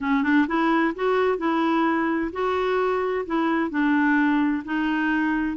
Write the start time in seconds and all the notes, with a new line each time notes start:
0.00 C#4
0.23 D4
0.47 E4
0.95 F#4
1.38 E4
2.32 F#4
3.26 E4
3.70 D4
4.64 D#4